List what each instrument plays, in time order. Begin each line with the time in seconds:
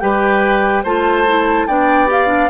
0.00 bassoon G3, clarinet G4, oboe B4, flute G5
0.84 bassoon A3, clarinet F4, oboe C5, flute A5
1.27 clarinet E4
1.67 bassoon B3, clarinet D4, oboe D5, flute G5
2.07 clarinet G4, flute F5
2.28 clarinet D4